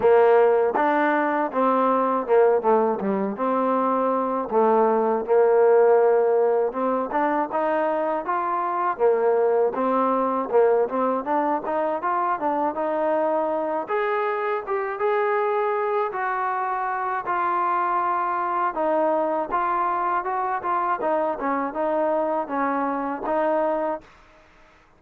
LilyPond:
\new Staff \with { instrumentName = "trombone" } { \time 4/4 \tempo 4 = 80 ais4 d'4 c'4 ais8 a8 | g8 c'4. a4 ais4~ | ais4 c'8 d'8 dis'4 f'4 | ais4 c'4 ais8 c'8 d'8 dis'8 |
f'8 d'8 dis'4. gis'4 g'8 | gis'4. fis'4. f'4~ | f'4 dis'4 f'4 fis'8 f'8 | dis'8 cis'8 dis'4 cis'4 dis'4 | }